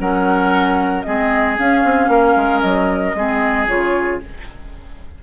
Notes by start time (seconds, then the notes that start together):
0.00 F#3 C#4 A#4 F#5
1.03 G#3 C4 G#4 D#5
1.58 C#4 F5
1.85 C4
2.08 A#3 A#4
2.37 G#3
2.61 F#3 D#5
3.15 G#3 C4 G#4
3.68 C#3 F4 C#5